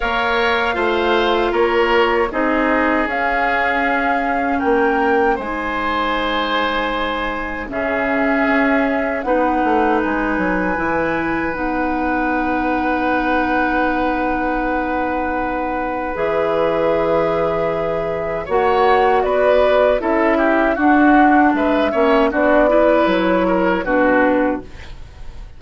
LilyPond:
<<
  \new Staff \with { instrumentName = "flute" } { \time 4/4 \tempo 4 = 78 f''2 cis''4 dis''4 | f''2 g''4 gis''4~ | gis''2 e''2 | fis''4 gis''2 fis''4~ |
fis''1~ | fis''4 e''2. | fis''4 d''4 e''4 fis''4 | e''4 d''4 cis''4 b'4 | }
  \new Staff \with { instrumentName = "oboe" } { \time 4/4 cis''4 c''4 ais'4 gis'4~ | gis'2 ais'4 c''4~ | c''2 gis'2 | b'1~ |
b'1~ | b'1 | cis''4 b'4 a'8 g'8 fis'4 | b'8 cis''8 fis'8 b'4 ais'8 fis'4 | }
  \new Staff \with { instrumentName = "clarinet" } { \time 4/4 ais'4 f'2 dis'4 | cis'2. dis'4~ | dis'2 cis'2 | dis'2 e'4 dis'4~ |
dis'1~ | dis'4 gis'2. | fis'2 e'4 d'4~ | d'8 cis'8 d'8 e'4. d'4 | }
  \new Staff \with { instrumentName = "bassoon" } { \time 4/4 ais4 a4 ais4 c'4 | cis'2 ais4 gis4~ | gis2 cis4 cis'4 | b8 a8 gis8 fis8 e4 b4~ |
b1~ | b4 e2. | ais4 b4 cis'4 d'4 | gis8 ais8 b4 fis4 b,4 | }
>>